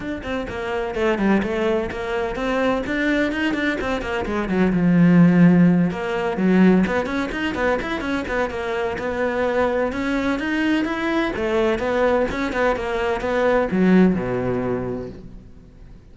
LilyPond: \new Staff \with { instrumentName = "cello" } { \time 4/4 \tempo 4 = 127 d'8 c'8 ais4 a8 g8 a4 | ais4 c'4 d'4 dis'8 d'8 | c'8 ais8 gis8 fis8 f2~ | f8 ais4 fis4 b8 cis'8 dis'8 |
b8 e'8 cis'8 b8 ais4 b4~ | b4 cis'4 dis'4 e'4 | a4 b4 cis'8 b8 ais4 | b4 fis4 b,2 | }